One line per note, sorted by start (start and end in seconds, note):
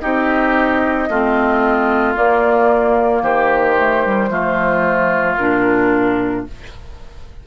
0.00 1.09 C4
0.00 1.08 D#4
0.00 1.09 G4
0.00 2.14 D#5
1.09 2.16 A3
1.09 2.15 C4
1.09 3.22 F4
2.15 3.76 A#3
2.15 3.22 A#3
2.15 3.23 D5
3.22 4.29 D#3
3.22 4.29 G4
3.22 5.36 C5
3.78 4.05 A3
4.05 4.30 G3
4.29 5.36 F3
4.29 5.37 A3
4.29 6.46 F4
5.36 6.46 A#2
5.36 6.47 D4
5.36 6.43 A#4